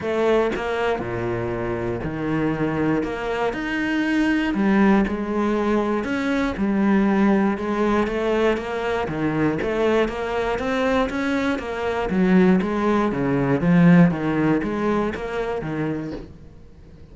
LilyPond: \new Staff \with { instrumentName = "cello" } { \time 4/4 \tempo 4 = 119 a4 ais4 ais,2 | dis2 ais4 dis'4~ | dis'4 g4 gis2 | cis'4 g2 gis4 |
a4 ais4 dis4 a4 | ais4 c'4 cis'4 ais4 | fis4 gis4 cis4 f4 | dis4 gis4 ais4 dis4 | }